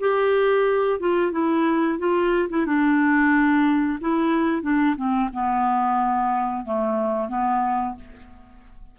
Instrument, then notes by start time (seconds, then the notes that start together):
clarinet
0.00 G4
1.00 F4
1.32 E4
1.99 F4
2.49 E4
2.66 D4
4.01 E4
4.62 D4
4.97 C4
5.33 B3
6.65 A3
7.29 B3